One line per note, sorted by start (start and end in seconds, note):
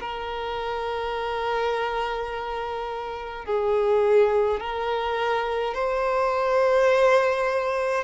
0.00 3.45 A#4
3.45 4.60 G#4
4.60 5.74 A#4
5.74 8.04 C5